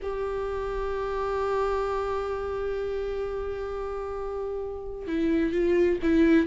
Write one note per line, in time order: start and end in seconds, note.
0.02 5.07 G4
5.07 5.52 E4
5.52 5.98 F4
6.02 6.47 E4